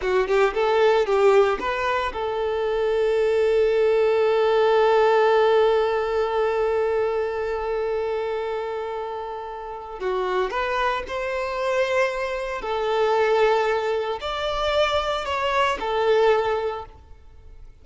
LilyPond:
\new Staff \with { instrumentName = "violin" } { \time 4/4 \tempo 4 = 114 fis'8 g'8 a'4 g'4 b'4 | a'1~ | a'1~ | a'1~ |
a'2. fis'4 | b'4 c''2. | a'2. d''4~ | d''4 cis''4 a'2 | }